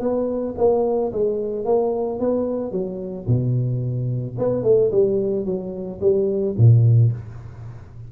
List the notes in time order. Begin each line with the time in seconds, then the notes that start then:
0.00 B3
0.58 A#3
1.13 G#3
1.65 A#3
2.20 B3
2.71 F#3
3.27 B2
4.38 B3
4.63 A3
4.91 G3
5.45 F#3
6.01 G3
6.58 A#2